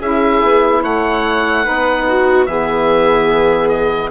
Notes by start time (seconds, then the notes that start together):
0.00 C#4 E4 G#4 E5
0.43 B3
0.83 A3 C#5 F#5
1.64 B3 D#4 B4
2.08 F#4
2.46 E3 B3 G#4 E5
3.69 D#5